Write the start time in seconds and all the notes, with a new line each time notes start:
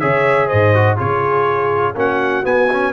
0.00 C#3 G#4 C#5 E5
0.48 G#2 C5 D#5
0.75 F#4
0.97 C#3 F4 G#4 C#5
1.95 A#3 C#4 F#4 F#5
2.44 B3 G#5
2.73 C#4